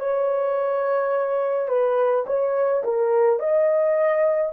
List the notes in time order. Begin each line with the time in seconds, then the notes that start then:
0.00 C#5
1.68 B4
2.27 C#5
2.84 A#4
3.40 D#5